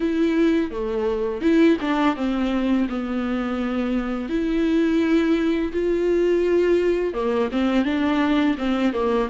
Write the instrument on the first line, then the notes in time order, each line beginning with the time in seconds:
viola
0.00 E4
0.70 A3
1.41 E4
1.80 D4
2.16 C4
2.88 B3
4.29 E4
5.72 F4
7.13 A#3
7.51 C4
7.84 D4
8.57 C4
8.93 A#3